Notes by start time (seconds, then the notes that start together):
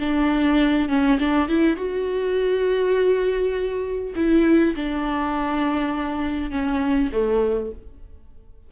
0.00 D4
0.89 C#4
1.20 D4
1.49 E4
1.77 F#4
4.16 E4
4.76 D4
6.51 C#4
7.13 A3